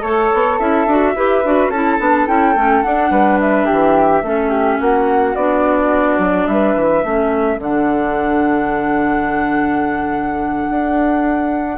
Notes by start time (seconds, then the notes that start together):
0.00 A3 A4 C#5
0.33 B3
0.59 C#4 E4 E5
0.86 D4 F#4
1.15 E4 G4 B4
1.45 D4 F#4
1.69 C#4 E4 A4 A5
1.99 B3 D4
2.27 C#4 E4 G5
2.55 A3 C#4
2.82 D4 F#5
3.10 G3 B4
3.40 E5
3.65 E3 G4
4.22 A3 C#4 A4
4.49 G4
4.79 A#3 F#4 F#5
5.35 B3 D4 D5
6.18 F#3
6.46 G3 B4 E5
6.75 E3
7.04 A3 C#4 A4
7.58 D3 D4 F#5
10.70 D4